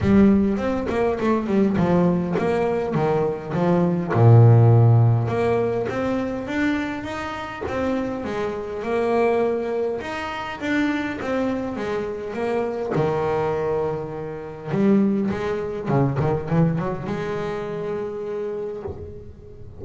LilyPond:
\new Staff \with { instrumentName = "double bass" } { \time 4/4 \tempo 4 = 102 g4 c'8 ais8 a8 g8 f4 | ais4 dis4 f4 ais,4~ | ais,4 ais4 c'4 d'4 | dis'4 c'4 gis4 ais4~ |
ais4 dis'4 d'4 c'4 | gis4 ais4 dis2~ | dis4 g4 gis4 cis8 dis8 | e8 fis8 gis2. | }